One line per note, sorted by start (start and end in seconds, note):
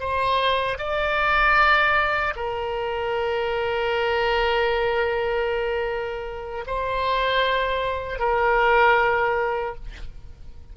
0.00 0.78 C5
0.78 2.34 D5
2.36 6.65 A#4
6.67 8.19 C5
8.19 9.75 A#4